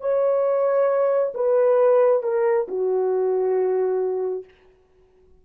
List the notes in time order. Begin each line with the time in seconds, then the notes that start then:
0.00 C#5
1.34 B4
2.23 A#4
2.68 F#4